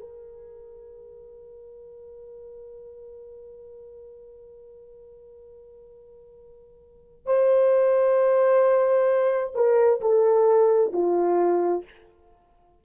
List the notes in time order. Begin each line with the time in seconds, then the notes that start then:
0.00 A#4
7.26 C5
9.55 A#4
10.01 A4
10.93 F4